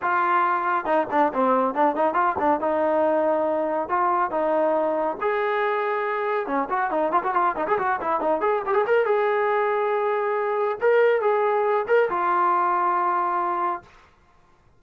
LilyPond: \new Staff \with { instrumentName = "trombone" } { \time 4/4 \tempo 4 = 139 f'2 dis'8 d'8 c'4 | d'8 dis'8 f'8 d'8 dis'2~ | dis'4 f'4 dis'2 | gis'2. cis'8 fis'8 |
dis'8 f'16 fis'16 f'8 dis'16 gis'16 fis'8 e'8 dis'8 gis'8 | g'16 gis'16 ais'8 gis'2.~ | gis'4 ais'4 gis'4. ais'8 | f'1 | }